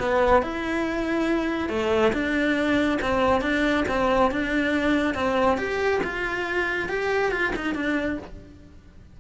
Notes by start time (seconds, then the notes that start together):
0.00 B3
0.43 E4
1.70 A3
2.13 D4
3.02 C4
3.42 D4
3.89 C4
4.32 D4
5.15 C4
5.58 G4
6.04 F4
6.89 G4
7.32 F4
7.57 D#4
7.75 D4